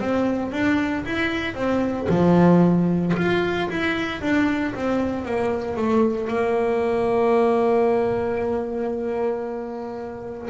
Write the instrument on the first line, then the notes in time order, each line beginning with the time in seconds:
double bass
0.00 C4
0.52 D4
1.06 E4
1.55 C4
2.10 F3
3.17 F4
3.70 E4
4.22 D4
4.75 C4
5.26 A#3
5.77 A3
6.28 A#3